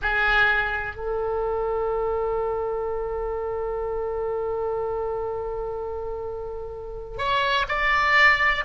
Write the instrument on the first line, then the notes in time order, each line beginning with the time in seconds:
oboe
0.01 G#4
0.95 A4
7.17 C#5
7.68 D5